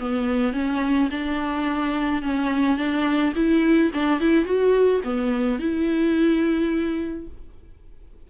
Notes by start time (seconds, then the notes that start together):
0.00 B3
0.54 C#4
1.11 D4
2.23 C#4
2.78 D4
3.36 E4
3.94 D4
4.21 E4
4.46 F#4
5.04 B3
5.59 E4